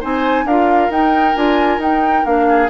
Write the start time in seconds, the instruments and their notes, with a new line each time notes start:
0.00 bassoon C4, clarinet D#4, oboe C5, flute G#5
0.44 bassoon D4, clarinet F4, oboe A#4, flute F5
0.90 bassoon D#4, clarinet D#4, flute G5
1.36 bassoon D4, clarinet F4, flute G#5
1.78 bassoon D#4, clarinet D#4, flute G5
2.25 bassoon A#3, clarinet D4, flute F5
2.49 oboe G#4